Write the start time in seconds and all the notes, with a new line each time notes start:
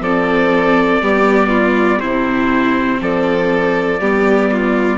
0.00 F3 C4 A4 D5
1.02 G3 B3 G4
1.49 F4
2.00 C3 C4 E4 C5
3.00 F3 A4 D5
4.00 G3 B3 G4
4.52 F4